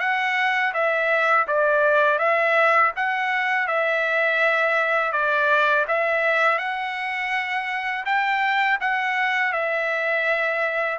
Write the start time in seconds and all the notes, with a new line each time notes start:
0.00 F#5
0.74 E5
1.48 D5
2.19 E5
2.96 F#5
3.68 E5
5.12 D5
5.88 E5
6.59 F#5
8.06 G5
8.81 F#5
9.53 E5